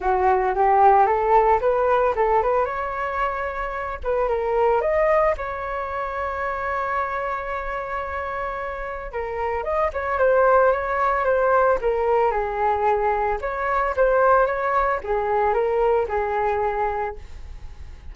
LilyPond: \new Staff \with { instrumentName = "flute" } { \time 4/4 \tempo 4 = 112 fis'4 g'4 a'4 b'4 | a'8 b'8 cis''2~ cis''8 b'8 | ais'4 dis''4 cis''2~ | cis''1~ |
cis''4 ais'4 dis''8 cis''8 c''4 | cis''4 c''4 ais'4 gis'4~ | gis'4 cis''4 c''4 cis''4 | gis'4 ais'4 gis'2 | }